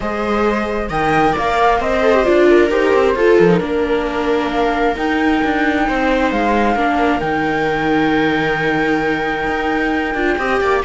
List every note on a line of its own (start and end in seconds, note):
0.00 0.89 G#3
0.00 0.88 G#4
0.00 0.89 C5
0.00 0.90 D#5
0.89 1.34 D#3
0.89 2.02 A#4
0.89 1.32 D#5
0.89 1.36 G5
1.32 1.80 A#3
1.32 1.77 D5
1.38 1.81 F5
1.80 2.25 C4
1.80 2.48 C5
1.80 2.24 D#5
2.02 2.13 A4
2.13 2.23 G4
2.23 2.71 D4
2.23 2.68 F4
2.23 2.69 D5
2.49 3.16 A#4
2.70 2.93 D#4
2.70 3.15 G4
2.70 3.38 C5
2.94 3.15 C4
3.15 3.37 F4
3.15 3.48 F4
3.15 3.61 A4
3.38 3.60 F3
3.38 4.50 A#4
3.48 3.59 D#4
3.59 4.95 A#3
3.59 4.94 D4
3.59 5.88 A#4
4.50 4.95 F5
4.95 6.76 D#4
4.95 5.42 D#4
4.95 6.31 G5
5.43 5.89 D4
5.88 6.31 C4
5.88 6.74 C5
6.31 6.75 G#3
6.31 7.20 F5
6.74 7.20 A#3
6.74 7.21 D4
6.74 10.35 A#4
7.20 9.46 D#3
7.20 10.14 D#4
7.20 10.81 G5
9.46 10.14 D#4
10.14 10.37 D4
10.14 10.38 F4
10.38 10.60 C4
10.38 10.83 G4
10.38 10.60 D#5
10.60 10.83 A#3
10.60 10.83 D5